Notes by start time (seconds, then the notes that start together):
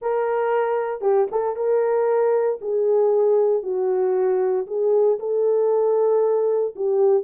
0.01 A#4
1.01 G4
1.31 A4
1.55 A#4
2.61 G#4
3.62 F#4
4.66 G#4
5.19 A4
6.75 G4